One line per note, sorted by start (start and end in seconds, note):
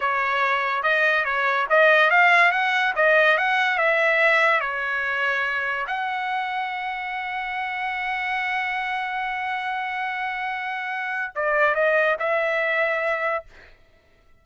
0.00 0.82 C#5
0.82 1.24 D#5
1.25 1.66 C#5
1.69 2.10 D#5
2.10 2.51 F5
2.51 2.93 F#5
2.95 3.37 D#5
3.37 3.78 F#5
3.78 4.60 E5
4.60 5.86 C#5
5.87 11.32 F#5
11.35 11.74 D5
11.74 12.16 D#5
12.19 13.45 E5